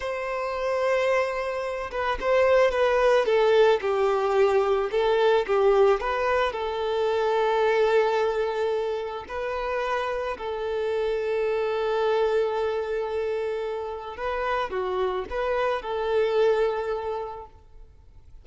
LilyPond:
\new Staff \with { instrumentName = "violin" } { \time 4/4 \tempo 4 = 110 c''2.~ c''8 b'8 | c''4 b'4 a'4 g'4~ | g'4 a'4 g'4 b'4 | a'1~ |
a'4 b'2 a'4~ | a'1~ | a'2 b'4 fis'4 | b'4 a'2. | }